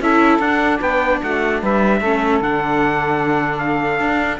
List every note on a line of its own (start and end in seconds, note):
0.00 0.39 C#4
0.00 0.42 E4
0.00 0.79 A4
0.00 0.40 E5
0.39 0.79 D4
0.39 2.02 D4
0.39 0.80 F#5
0.79 1.22 B3
0.79 1.19 B4
0.79 1.22 G5
1.23 1.62 A3
1.23 1.61 F#4
1.23 1.63 F#5
1.61 2.01 G3
1.61 2.00 B4
1.61 2.42 E5
2.00 2.41 A3
2.00 2.43 C#4
2.00 4.40 A4
2.41 4.00 D3
2.41 4.40 D4
2.41 3.58 F#5
3.58 4.38 F5
4.00 4.40 D4